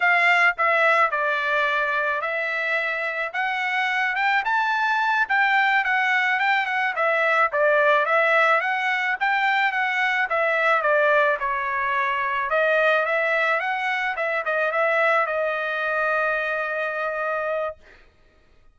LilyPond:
\new Staff \with { instrumentName = "trumpet" } { \time 4/4 \tempo 4 = 108 f''4 e''4 d''2 | e''2 fis''4. g''8 | a''4. g''4 fis''4 g''8 | fis''8 e''4 d''4 e''4 fis''8~ |
fis''8 g''4 fis''4 e''4 d''8~ | d''8 cis''2 dis''4 e''8~ | e''8 fis''4 e''8 dis''8 e''4 dis''8~ | dis''1 | }